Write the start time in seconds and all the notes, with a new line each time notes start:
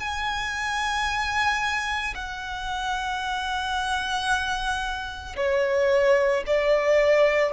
0.00 G#5
2.15 F#5
5.37 C#5
6.47 D5